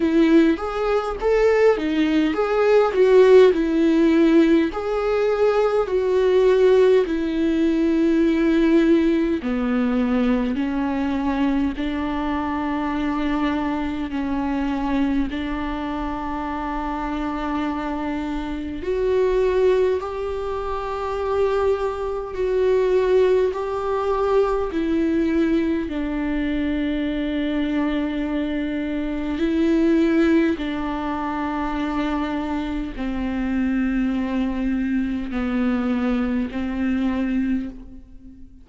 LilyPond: \new Staff \with { instrumentName = "viola" } { \time 4/4 \tempo 4 = 51 e'8 gis'8 a'8 dis'8 gis'8 fis'8 e'4 | gis'4 fis'4 e'2 | b4 cis'4 d'2 | cis'4 d'2. |
fis'4 g'2 fis'4 | g'4 e'4 d'2~ | d'4 e'4 d'2 | c'2 b4 c'4 | }